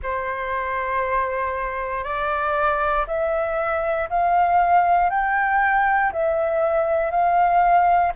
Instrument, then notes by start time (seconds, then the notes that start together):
flute
0.02 C5
2.03 D5
3.07 E5
4.09 F5
5.10 G5
6.12 E5
7.10 F5